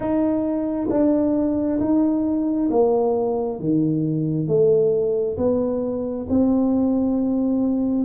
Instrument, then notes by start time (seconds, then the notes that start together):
tuba
0.00 D#4
0.90 D4
1.80 D#4
2.70 A#3
3.59 D#3
4.47 A3
5.37 B3
6.29 C4